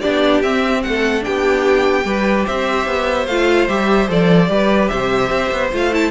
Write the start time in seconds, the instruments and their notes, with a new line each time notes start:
0.00 cello B3, viola D4, violin G4 D5
0.42 cello C4, viola C4, violin E5
0.82 cello A3, violin A4 F#5
1.20 viola D4, violin G4 G5
1.27 cello B3
2.04 cello G3, viola G4, violin B4
2.46 cello C4, violin C5 E5
2.86 cello B3
3.26 cello A3, viola F4, violin F5
3.68 cello G3, viola G4, violin E5
4.08 cello F3, viola A4, violin D5
4.47 cello G3, viola G4, violin B4
4.88 cello C3, violin C5 E5
5.30 cello C4
5.52 cello B3
5.72 cello A3, viola F4, violin F5
5.92 viola E4, violin A5